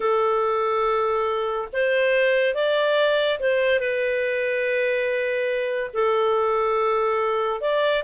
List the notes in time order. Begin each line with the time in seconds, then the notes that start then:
0.00 A4
1.72 C5
2.54 D5
3.39 C5
3.79 B4
5.93 A4
7.61 D5